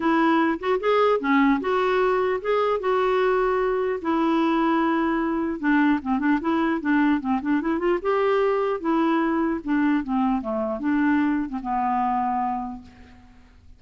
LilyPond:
\new Staff \with { instrumentName = "clarinet" } { \time 4/4 \tempo 4 = 150 e'4. fis'8 gis'4 cis'4 | fis'2 gis'4 fis'4~ | fis'2 e'2~ | e'2 d'4 c'8 d'8 |
e'4 d'4 c'8 d'8 e'8 f'8 | g'2 e'2 | d'4 c'4 a4 d'4~ | d'8. c'16 b2. | }